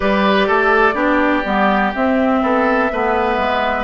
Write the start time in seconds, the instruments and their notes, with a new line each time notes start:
0.00 bassoon G3, clarinet G4, oboe B4, flute D5
0.47 bassoon A3, oboe A4
0.94 bassoon B3, clarinet D4, oboe G4
1.45 bassoon G3, clarinet B3
1.95 clarinet C4, bassoon C4, flute E5
2.42 bassoon B3, oboe A4
2.92 bassoon A3, clarinet B3, oboe B4
3.37 bassoon G#3